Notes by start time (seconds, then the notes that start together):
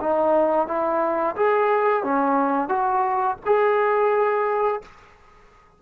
0.00 D#4
0.67 E4
1.36 G#4
2.03 C#4
2.68 F#4
3.45 G#4